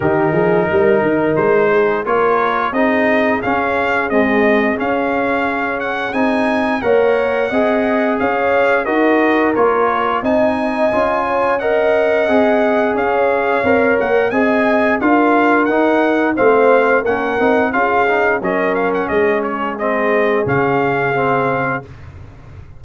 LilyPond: <<
  \new Staff \with { instrumentName = "trumpet" } { \time 4/4 \tempo 4 = 88 ais'2 c''4 cis''4 | dis''4 f''4 dis''4 f''4~ | f''8 fis''8 gis''4 fis''2 | f''4 dis''4 cis''4 gis''4~ |
gis''4 fis''2 f''4~ | f''8 fis''8 gis''4 f''4 fis''4 | f''4 fis''4 f''4 dis''8 f''16 fis''16 | dis''8 cis''8 dis''4 f''2 | }
  \new Staff \with { instrumentName = "horn" } { \time 4/4 g'8 gis'8 ais'4. gis'8 ais'4 | gis'1~ | gis'2 cis''4 dis''4 | cis''4 ais'2 dis''4~ |
dis''8 cis''8 dis''2 cis''4~ | cis''4 dis''4 ais'2 | c''4 ais'4 gis'4 ais'4 | gis'1 | }
  \new Staff \with { instrumentName = "trombone" } { \time 4/4 dis'2. f'4 | dis'4 cis'4 gis4 cis'4~ | cis'4 dis'4 ais'4 gis'4~ | gis'4 fis'4 f'4 dis'4 |
f'4 ais'4 gis'2 | ais'4 gis'4 f'4 dis'4 | c'4 cis'8 dis'8 f'8 dis'8 cis'4~ | cis'4 c'4 cis'4 c'4 | }
  \new Staff \with { instrumentName = "tuba" } { \time 4/4 dis8 f8 g8 dis8 gis4 ais4 | c'4 cis'4 c'4 cis'4~ | cis'4 c'4 ais4 c'4 | cis'4 dis'4 ais4 c'4 |
cis'2 c'4 cis'4 | c'8 ais8 c'4 d'4 dis'4 | a4 ais8 c'8 cis'4 fis4 | gis2 cis2 | }
>>